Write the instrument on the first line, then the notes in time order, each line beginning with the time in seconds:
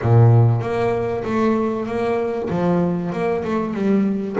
double bass
0.01 A#2
0.61 A#3
1.24 A3
1.86 A#3
2.49 F3
3.12 A#3
3.44 A3
3.74 G3